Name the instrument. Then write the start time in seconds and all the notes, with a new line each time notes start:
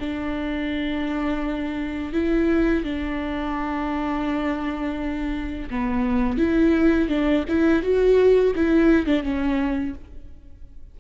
viola
0.00 D4
2.13 E4
2.84 D4
5.70 B3
6.38 E4
7.09 D4
7.49 E4
7.83 F#4
8.56 E4
9.06 D4
9.23 C#4